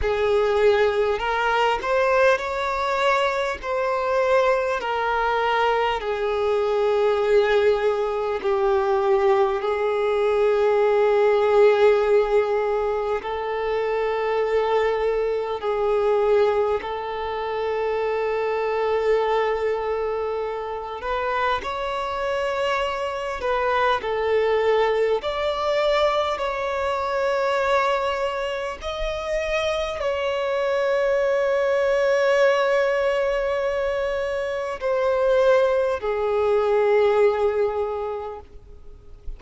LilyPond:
\new Staff \with { instrumentName = "violin" } { \time 4/4 \tempo 4 = 50 gis'4 ais'8 c''8 cis''4 c''4 | ais'4 gis'2 g'4 | gis'2. a'4~ | a'4 gis'4 a'2~ |
a'4. b'8 cis''4. b'8 | a'4 d''4 cis''2 | dis''4 cis''2.~ | cis''4 c''4 gis'2 | }